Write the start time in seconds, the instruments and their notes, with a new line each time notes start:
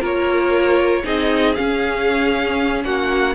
0.00 cello A#3, viola F4, violin A#4 C#5
1.04 cello C4, viola D#4, violin G#4 D#5
1.55 viola C#4, cello C#4, violin F5
2.84 cello A#3, violin F#4 F#5